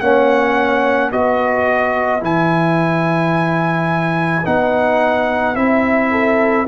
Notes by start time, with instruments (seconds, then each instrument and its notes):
0.00 tuba A#3, trombone C#4, horn C#5, trumpet F#5
1.10 tuba B3, trombone F#4, horn B4, trumpet D#5
2.20 tuba E3, trombone E4, trumpet G#5
4.45 tuba B3, trombone D#4, trumpet F#5
5.55 tuba C4, trombone E4, trumpet E5
6.11 horn A4